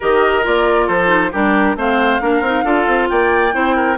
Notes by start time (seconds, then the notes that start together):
0.00 D#3 G4 A#4 D#5
0.42 A#3 F4 D5
0.87 F3 A4 C5
1.06 D#4
1.31 G3 D4 G4 A#4
1.75 A3 C4 C5 F5
2.20 A#3 D4 A#4
2.41 C4 D#4
2.64 D4 F4 A4
2.86 C4
3.09 A#3 D5 G5
3.52 C4 E4 C5
3.75 A#4